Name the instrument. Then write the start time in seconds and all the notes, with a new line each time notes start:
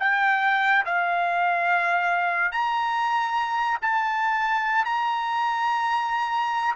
trumpet
0.00 G5
0.86 F5
2.52 A#5
3.82 A5
4.85 A#5